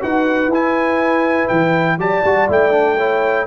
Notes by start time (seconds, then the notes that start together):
0.00 D#4 F#4 B4 F#5
0.47 E4
0.53 E4 G#5
1.48 E3 G5
1.98 F#3 G4 D5 A5
2.24 G3 F#4
2.48 A3 E4 G5
2.71 D4
2.96 E4 C#5